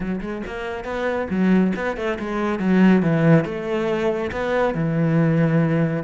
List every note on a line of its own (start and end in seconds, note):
0.00 0.20 F#3
0.20 0.42 G#3
0.46 0.84 A#3
0.84 1.27 B3
1.29 1.73 F#3
1.76 1.96 B3
1.96 2.18 A3
2.19 2.59 G#3
2.59 3.02 F#3
3.02 3.44 E3
3.44 4.30 A3
4.31 4.74 B3
4.74 6.03 E3